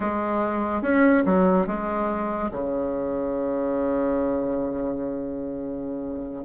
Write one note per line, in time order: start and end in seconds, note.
0.00 0.82 G#3
0.82 1.23 C#4
1.25 1.66 F#3
1.66 2.50 G#3
2.51 6.45 C#3